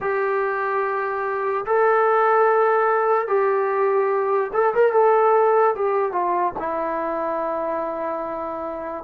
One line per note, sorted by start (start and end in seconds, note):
0.00 1.65 G4
1.66 3.27 A4
3.27 4.50 G4
4.53 4.73 A4
4.74 4.92 A#4
4.92 5.74 A4
5.75 6.12 G4
6.12 6.53 F4
6.58 9.04 E4